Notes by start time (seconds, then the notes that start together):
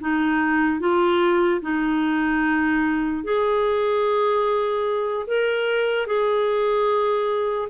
0.00 D#4
0.80 F4
1.61 D#4
3.24 G#4
5.27 A#4
6.06 G#4